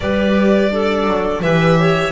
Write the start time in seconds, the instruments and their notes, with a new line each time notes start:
0.00 double bass G3, viola G4, clarinet B4, violin D5
0.71 viola D4, clarinet A4
1.06 double bass F#3
1.42 double bass E3, viola G4, clarinet B4, violin E5
1.79 clarinet C#5